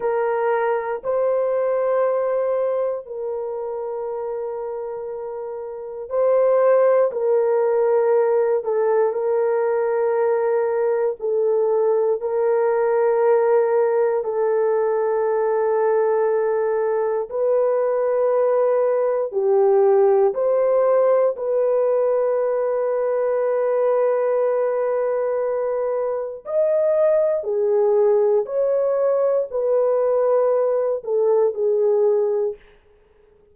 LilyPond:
\new Staff \with { instrumentName = "horn" } { \time 4/4 \tempo 4 = 59 ais'4 c''2 ais'4~ | ais'2 c''4 ais'4~ | ais'8 a'8 ais'2 a'4 | ais'2 a'2~ |
a'4 b'2 g'4 | c''4 b'2.~ | b'2 dis''4 gis'4 | cis''4 b'4. a'8 gis'4 | }